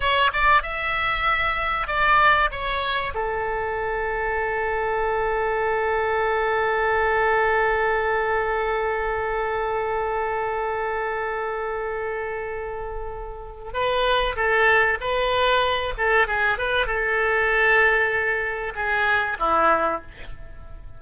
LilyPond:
\new Staff \with { instrumentName = "oboe" } { \time 4/4 \tempo 4 = 96 cis''8 d''8 e''2 d''4 | cis''4 a'2.~ | a'1~ | a'1~ |
a'1~ | a'2 b'4 a'4 | b'4. a'8 gis'8 b'8 a'4~ | a'2 gis'4 e'4 | }